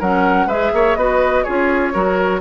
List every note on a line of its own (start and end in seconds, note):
0.00 0.47 F#3
0.00 0.50 C#4
0.00 0.47 A#4
0.00 0.49 F#5
0.47 0.71 G#3
0.47 0.98 G#4
0.47 0.71 B4
0.47 0.96 E5
0.74 0.96 A#3
0.74 0.98 C#5
0.96 1.44 B3
0.96 1.46 F#4
0.96 1.44 B4
0.96 1.44 D#5
1.44 1.95 C#4
1.44 1.94 F4
1.44 1.93 G#4
1.44 2.40 C#5
1.94 2.41 F#3
1.94 2.41 F#4
1.94 2.41 A#4